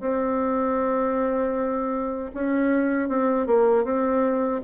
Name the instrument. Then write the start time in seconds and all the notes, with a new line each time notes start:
bassoon
0.00 C4
2.34 C#4
3.08 C4
3.47 A#3
3.84 C4